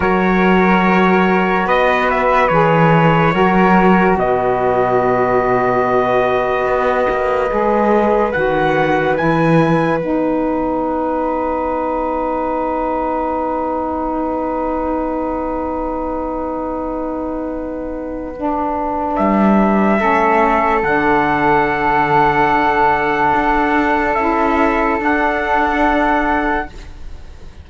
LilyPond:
<<
  \new Staff \with { instrumentName = "trumpet" } { \time 4/4 \tempo 4 = 72 cis''2 dis''8 e''8 cis''4~ | cis''4 dis''2.~ | dis''2 fis''4 gis''4 | fis''1~ |
fis''1~ | fis''2. e''4~ | e''4 fis''2.~ | fis''4 e''4 fis''2 | }
  \new Staff \with { instrumentName = "flute" } { \time 4/4 ais'2 b'2 | ais'4 b'2.~ | b'1~ | b'1~ |
b'1~ | b'1 | a'1~ | a'1 | }
  \new Staff \with { instrumentName = "saxophone" } { \time 4/4 fis'2. gis'4 | fis'1~ | fis'4 gis'4 fis'4 e'4 | dis'1~ |
dis'1~ | dis'2 d'2 | cis'4 d'2.~ | d'4 e'4 d'2 | }
  \new Staff \with { instrumentName = "cello" } { \time 4/4 fis2 b4 e4 | fis4 b,2. | b8 ais8 gis4 dis4 e4 | b1~ |
b1~ | b2. g4 | a4 d2. | d'4 cis'4 d'2 | }
>>